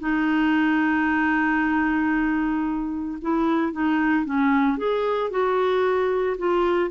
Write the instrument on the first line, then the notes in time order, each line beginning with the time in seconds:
clarinet
0.00 D#4
3.22 E4
3.73 D#4
4.25 C#4
4.78 G#4
5.31 F#4
6.38 F4